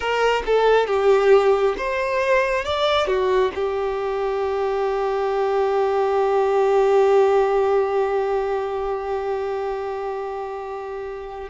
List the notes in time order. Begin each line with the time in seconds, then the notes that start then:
0.00 A#4
0.46 A4
0.87 G4
1.77 C5
2.64 D5
3.07 F#4
3.55 G4